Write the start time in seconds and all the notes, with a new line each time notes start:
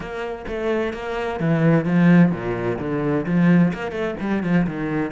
0.00 A#3
0.47 A3
0.93 A#3
1.40 E3
1.85 F3
2.31 A#2
2.79 D3
3.26 F3
3.73 A#3
3.91 A3
4.19 G3
4.43 F3
4.66 D#3